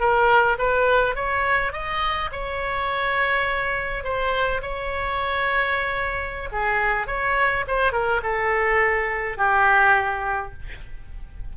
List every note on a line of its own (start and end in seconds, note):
0.00 0.58 A#4
0.58 1.16 B4
1.16 1.73 C#5
1.73 2.31 D#5
2.32 4.04 C#5
4.04 4.62 C5
4.62 6.50 C#5
6.52 7.08 G#4
7.08 7.65 C#5
7.68 7.92 C5
7.92 8.21 A#4
8.23 9.37 A4
9.37 10.53 G4